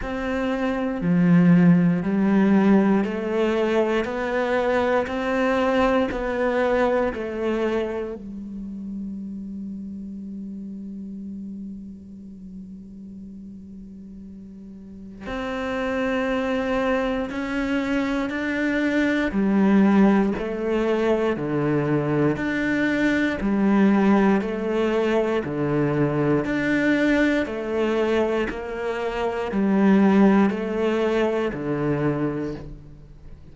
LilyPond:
\new Staff \with { instrumentName = "cello" } { \time 4/4 \tempo 4 = 59 c'4 f4 g4 a4 | b4 c'4 b4 a4 | g1~ | g2. c'4~ |
c'4 cis'4 d'4 g4 | a4 d4 d'4 g4 | a4 d4 d'4 a4 | ais4 g4 a4 d4 | }